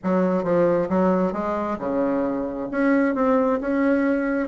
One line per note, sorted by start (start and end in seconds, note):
0.03 0.43 F#3
0.43 0.88 F3
0.89 1.32 F#3
1.32 1.77 G#3
1.78 2.68 C#3
2.71 3.14 C#4
3.14 3.59 C4
3.60 4.48 C#4